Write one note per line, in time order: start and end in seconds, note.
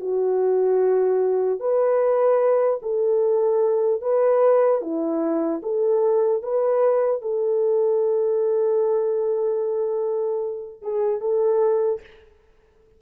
0.00 1.60 F#4
1.60 2.80 B4
2.82 4.01 A4
4.01 4.81 B4
4.81 5.61 E4
5.63 6.43 A4
6.43 7.21 B4
7.21 10.81 A4
10.81 11.20 G#4
11.20 12.00 A4